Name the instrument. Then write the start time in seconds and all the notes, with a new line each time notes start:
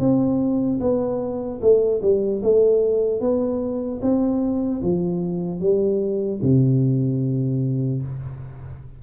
tuba
0.00 C4
0.80 B3
1.62 A3
2.02 G3
2.43 A3
3.21 B3
4.02 C4
4.83 F3
5.61 G3
6.43 C3